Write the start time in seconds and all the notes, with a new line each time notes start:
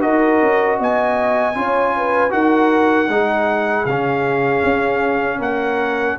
0.00 D#4 F#4 A#4 D#5
0.42 C#4
0.79 B3 D#5 G#5
1.55 C#4 F4 C#5
1.96 B4
2.30 D#4 F#4 A#4 F#5
3.08 G#3 D#4 G#4
3.85 C#3 C#4 F5
4.64 C#4
5.38 A#3 A#4 F#5